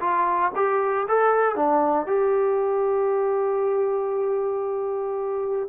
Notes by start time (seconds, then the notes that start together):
0.00 F4
0.55 G4
1.08 A4
1.56 D4
2.07 G4